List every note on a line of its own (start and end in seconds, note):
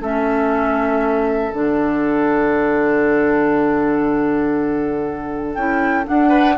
0.00 1.51 A3
0.00 1.53 C#4
0.00 6.28 A4
0.00 1.53 E5
1.53 5.56 D3
1.53 5.56 D4
1.53 5.54 F#5
5.54 6.06 C#4
5.54 6.05 E4
5.54 6.05 G5
6.05 6.55 D4
6.05 6.58 D4
6.05 6.58 F#5
6.28 6.54 B4